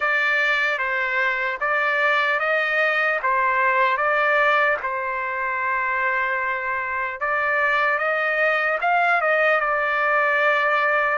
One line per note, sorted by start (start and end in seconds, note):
0.00 0.78 D5
0.78 1.58 C5
1.60 2.39 D5
2.39 3.19 D#5
3.23 3.97 C5
3.97 4.77 D5
4.83 7.20 C5
7.20 7.98 D5
7.98 8.78 D#5
8.81 9.21 F5
9.21 9.60 D#5
9.60 11.18 D5